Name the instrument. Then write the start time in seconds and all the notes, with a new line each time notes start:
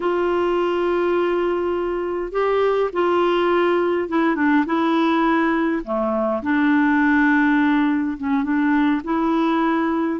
clarinet
0.00 F4
2.31 G4
2.92 F4
4.09 E4
4.35 D4
4.65 E4
5.84 A3
6.42 D4
8.17 C#4
8.43 D4
9.04 E4